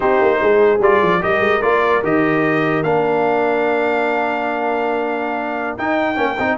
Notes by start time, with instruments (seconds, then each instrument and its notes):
0.00 tuba C4, trombone D#4, horn G4, trumpet C5
0.21 tuba A#3
0.41 tuba G#3, horn G#4
0.79 tuba G3, trombone F4, trumpet D5
1.02 tuba F3
1.19 tuba G3, trombone G4, horn A#4, trumpet D#5
1.40 tuba G#3
1.62 tuba A#3, trombone F4, trumpet D5
2.03 tuba D#3, trombone G4, trumpet D#5
2.83 tuba A#3, trombone D4, trumpet F5
5.77 tuba D#4, trombone D#4, trumpet G5
6.15 tuba A#3, trombone C#4
6.39 tuba C4, trombone D#4